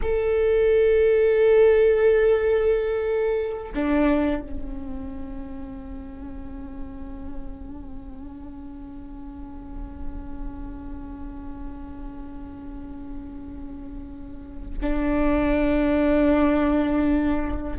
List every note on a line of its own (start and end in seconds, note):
0.02 3.72 A4
3.74 4.41 D4
4.41 14.78 C#4
14.81 17.77 D4